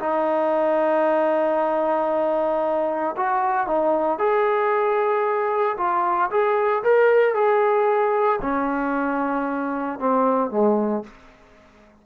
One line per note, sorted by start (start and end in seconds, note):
0.00 3.16 D#4
3.17 3.67 F#4
3.67 4.19 D#4
4.19 5.77 G#4
5.78 6.30 F4
6.31 6.83 G#4
6.84 7.35 A#4
7.35 8.40 G#4
8.42 10.00 C#4
10.00 10.51 C4
10.51 11.04 G#3